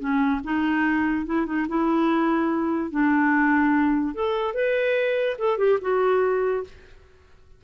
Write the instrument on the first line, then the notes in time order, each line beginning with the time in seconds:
clarinet
0.00 C#4
0.44 D#4
1.26 E4
1.47 D#4
1.69 E4
2.91 D4
4.15 A4
4.54 B4
5.39 A4
5.58 G4
5.82 F#4